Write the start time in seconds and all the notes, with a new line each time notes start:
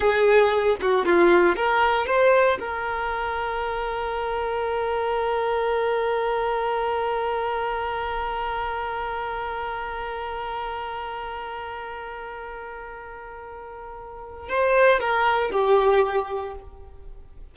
0.00 G#4
0.81 F#4
1.05 F4
1.56 A#4
2.06 C5
2.59 A#4
14.49 C5
15.00 A#4
15.51 G4